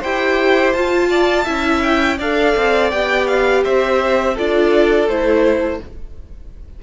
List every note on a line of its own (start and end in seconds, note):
0.00 0.74 E4
0.00 0.75 G4
0.00 1.08 C5
0.00 0.73 G5
0.73 1.47 F4
0.73 1.46 F4
0.73 1.81 A5
1.10 1.44 D5
1.44 2.19 C#4
1.44 2.18 E4
1.44 2.17 E5
1.83 2.19 G5
2.17 2.56 D4
2.17 2.92 A4
2.17 3.62 D5
2.17 2.91 F5
2.56 2.93 C4
2.91 3.65 B3
2.91 4.36 G4
2.91 3.27 G5
3.27 3.63 F5
3.64 4.38 C4
3.64 4.34 C5
3.64 4.37 E5
4.34 5.08 D4
4.34 5.09 F4
4.34 5.79 A4
4.34 5.08 D5
5.08 5.80 A3
5.08 5.83 E4
5.08 5.81 C5